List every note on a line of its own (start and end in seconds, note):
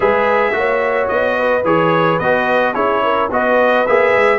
0.00 0.52 G#3
0.00 0.52 G#4
0.00 0.53 B4
0.00 1.07 E5
0.52 1.07 A#3
0.52 1.62 F#4
0.52 1.37 C#5
1.08 1.64 B3
1.08 1.63 D#5
1.37 2.74 B4
1.64 2.19 E3
1.64 2.20 G#4
1.64 2.19 C#5
2.19 2.74 B3
2.19 2.74 F#4
2.19 2.74 D#5
2.74 3.30 C#4
2.74 3.29 E4
2.74 3.02 G#4
2.74 3.29 C#5
3.03 3.31 A#4
3.30 3.85 B3
3.30 3.86 F#4
3.30 4.38 B4
3.30 3.86 D#5
3.86 4.15 A#3
3.86 4.38 G#4
3.86 4.38 E5
4.15 4.38 G#3